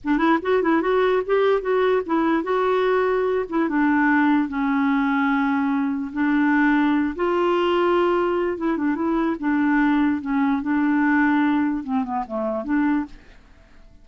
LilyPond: \new Staff \with { instrumentName = "clarinet" } { \time 4/4 \tempo 4 = 147 d'8 e'8 fis'8 e'8 fis'4 g'4 | fis'4 e'4 fis'2~ | fis'8 e'8 d'2 cis'4~ | cis'2. d'4~ |
d'4. f'2~ f'8~ | f'4 e'8 d'8 e'4 d'4~ | d'4 cis'4 d'2~ | d'4 c'8 b8 a4 d'4 | }